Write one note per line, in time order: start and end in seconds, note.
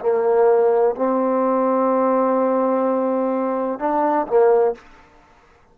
0.00 0.95 A#3
0.95 3.79 C4
3.79 4.27 D4
4.27 4.75 A#3